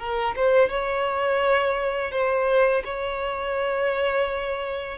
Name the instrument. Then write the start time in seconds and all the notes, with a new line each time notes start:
violin
0.00 A#4
0.36 C5
0.70 C#5
2.12 C5
2.85 C#5